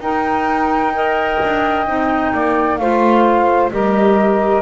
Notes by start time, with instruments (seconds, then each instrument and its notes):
0.00 double bass D#4, clarinet D#4, saxophone A#4, flute G5
0.94 clarinet A#4, saxophone D#5
1.44 double bass D4
1.87 double bass C4, clarinet D#4
2.34 double bass A#3, saxophone D5
2.77 double bass A3, clarinet F4, saxophone C5, flute F5
3.71 double bass G3, clarinet G4, saxophone A#4, flute D#5